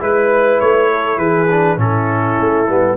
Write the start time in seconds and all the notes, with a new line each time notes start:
0.00 G#3 E4 B4
0.60 A3 C#5
0.93 A4
1.18 E3 G#4 B4
1.51 D4
1.77 A2 C#4 E4 A4
2.40 A3
2.69 G3 B3